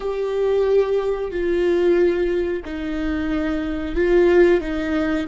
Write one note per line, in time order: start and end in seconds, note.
0.00 1.31 G4
1.31 2.63 F4
2.64 3.95 D#4
3.95 4.60 F4
4.60 5.26 D#4